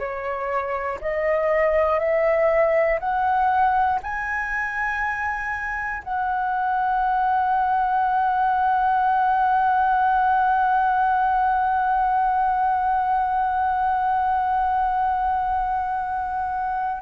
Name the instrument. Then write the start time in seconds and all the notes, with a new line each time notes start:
flute
0.00 C#5
1.01 D#5
2.00 E5
3.00 F#5
4.03 G#5
6.04 F#5